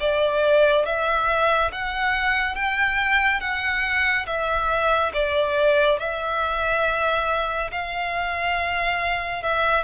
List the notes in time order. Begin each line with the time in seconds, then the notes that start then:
0.00 D5
0.86 E5
1.72 F#5
2.56 G5
3.41 F#5
4.27 E5
5.14 D5
5.99 E5
7.72 F5
9.43 E5